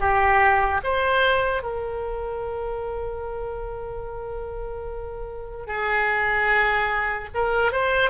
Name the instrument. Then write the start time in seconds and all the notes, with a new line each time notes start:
oboe
0.00 G4
0.84 C5
1.63 A#4
5.67 G#4
7.35 A#4
7.72 C5